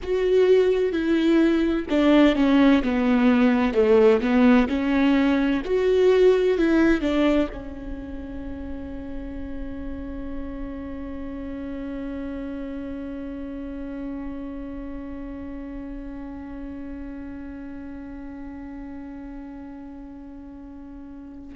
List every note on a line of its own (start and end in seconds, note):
0.03 0.92 F#4
0.92 1.86 E4
1.89 2.35 D4
2.35 2.82 C#4
2.82 3.73 B3
3.73 4.20 A3
4.20 4.67 B3
4.68 5.62 C#4
5.65 6.58 F#4
6.58 7.01 E4
7.01 7.48 D4
7.53 21.55 C#4